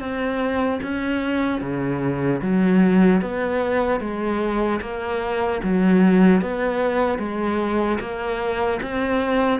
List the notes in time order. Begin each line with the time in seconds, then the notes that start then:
0.00 C4
0.83 C#4
1.61 C#3
2.42 F#3
3.21 B3
4.00 G#3
4.81 A#3
5.64 F#3
6.41 B3
7.19 G#3
8.00 A#3
8.83 C4